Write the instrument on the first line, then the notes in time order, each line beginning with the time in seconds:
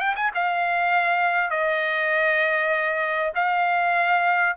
trumpet
0.00 G5
0.16 G#5
0.35 F5
1.51 D#5
3.36 F5